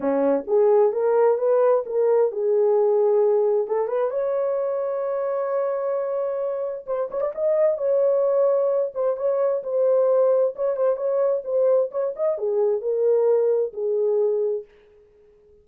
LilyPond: \new Staff \with { instrumentName = "horn" } { \time 4/4 \tempo 4 = 131 cis'4 gis'4 ais'4 b'4 | ais'4 gis'2. | a'8 b'8 cis''2.~ | cis''2. c''8 cis''16 d''16 |
dis''4 cis''2~ cis''8 c''8 | cis''4 c''2 cis''8 c''8 | cis''4 c''4 cis''8 dis''8 gis'4 | ais'2 gis'2 | }